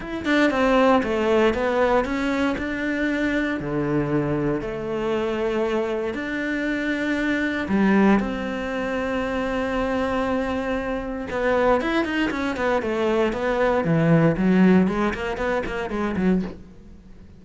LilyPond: \new Staff \with { instrumentName = "cello" } { \time 4/4 \tempo 4 = 117 e'8 d'8 c'4 a4 b4 | cis'4 d'2 d4~ | d4 a2. | d'2. g4 |
c'1~ | c'2 b4 e'8 dis'8 | cis'8 b8 a4 b4 e4 | fis4 gis8 ais8 b8 ais8 gis8 fis8 | }